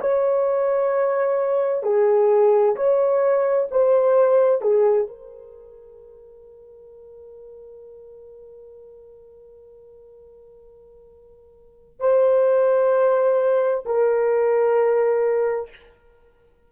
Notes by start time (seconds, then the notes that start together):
0.00 C#5
1.83 G#4
2.75 C#5
3.70 C5
4.61 G#4
5.07 A#4
12.00 C5
13.85 A#4